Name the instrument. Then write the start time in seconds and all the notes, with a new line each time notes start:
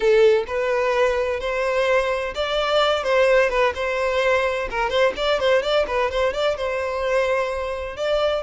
violin
0.00 A4
0.47 B4
1.40 C5
2.35 D5
3.03 C5
3.49 B4
3.75 C5
4.70 A#4
4.89 C5
5.16 D5
5.39 C5
5.62 D5
5.87 B4
6.10 C5
6.33 D5
6.56 C5
7.96 D5